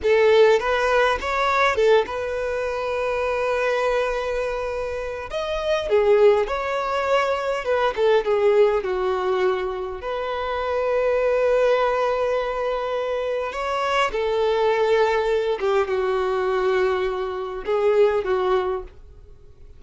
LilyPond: \new Staff \with { instrumentName = "violin" } { \time 4/4 \tempo 4 = 102 a'4 b'4 cis''4 a'8 b'8~ | b'1~ | b'4 dis''4 gis'4 cis''4~ | cis''4 b'8 a'8 gis'4 fis'4~ |
fis'4 b'2.~ | b'2. cis''4 | a'2~ a'8 g'8 fis'4~ | fis'2 gis'4 fis'4 | }